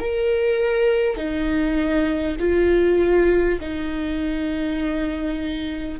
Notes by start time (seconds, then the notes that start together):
0.00 A#4
1.16 D#4
2.39 F4
3.61 D#4